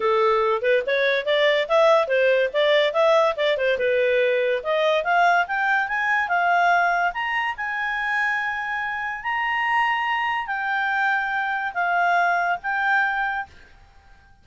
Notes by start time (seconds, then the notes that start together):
0.00 A4
0.62 B4
0.86 C#5
1.25 D5
1.68 E5
2.07 C5
2.53 D5
2.93 E5
3.36 D5
3.57 C5
3.78 B4
4.63 D#5
5.03 F5
5.47 G5
5.88 G#5
6.28 F5
7.13 A#5
7.56 G#5
9.23 A#5
10.46 G5
11.73 F5
12.62 G5